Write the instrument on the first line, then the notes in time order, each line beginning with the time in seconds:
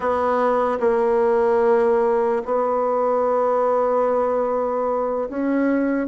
bassoon
0.00 B3
0.80 A#3
2.45 B3
5.29 C#4